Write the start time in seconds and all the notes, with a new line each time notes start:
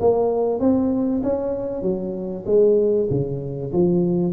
0.00 A#3
0.60 C4
1.23 C#4
1.82 F#3
2.45 G#3
3.10 C#3
3.72 F3